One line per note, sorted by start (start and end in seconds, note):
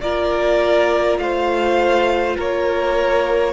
0.00 1.18 A#3
0.00 3.52 F4
0.00 1.20 A#4
0.00 1.18 D5
1.18 2.36 A3
1.18 2.36 C5
1.18 2.36 F5
2.36 3.52 A#3
2.36 3.52 A#4
2.36 3.52 C#5